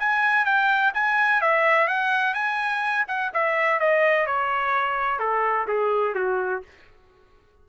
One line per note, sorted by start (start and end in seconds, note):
0.00 0.46 G#5
0.46 0.94 G5
0.94 1.42 G#5
1.42 1.88 E5
1.88 2.34 F#5
2.34 3.06 G#5
3.08 3.32 F#5
3.34 3.80 E5
3.80 4.27 D#5
4.27 5.19 C#5
5.19 5.67 A4
5.68 6.15 G#4
6.15 6.63 F#4